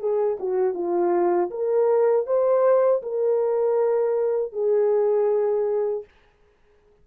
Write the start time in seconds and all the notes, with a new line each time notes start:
0.00 G#4
0.40 F#4
0.74 F4
1.51 A#4
2.26 C5
3.03 A#4
4.53 G#4